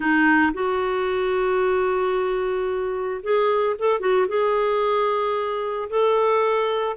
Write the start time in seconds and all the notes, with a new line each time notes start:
0.00 D#4
0.53 F#4
3.22 G#4
3.78 A4
4.00 F#4
4.28 G#4
5.89 A4